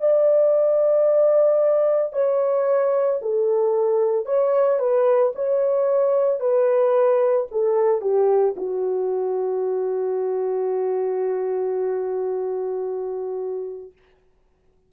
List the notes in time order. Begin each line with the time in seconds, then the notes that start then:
0.00 D5
2.12 C#5
3.21 A4
4.26 C#5
4.79 B4
5.35 C#5
6.40 B4
7.51 A4
8.01 G4
8.57 F#4